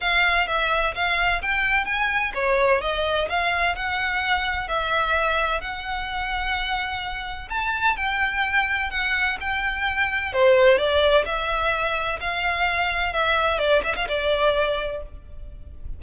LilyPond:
\new Staff \with { instrumentName = "violin" } { \time 4/4 \tempo 4 = 128 f''4 e''4 f''4 g''4 | gis''4 cis''4 dis''4 f''4 | fis''2 e''2 | fis''1 |
a''4 g''2 fis''4 | g''2 c''4 d''4 | e''2 f''2 | e''4 d''8 e''16 f''16 d''2 | }